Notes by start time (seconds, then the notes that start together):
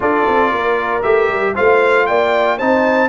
0.00 D4 F4 A4 D5
0.27 C4
0.50 A#3 A#4
1.02 A3 G4 E5
1.28 G3
1.55 A3 F4 C5 F5
2.06 A#3 D5 G5
2.57 C4 D#4 C5 A5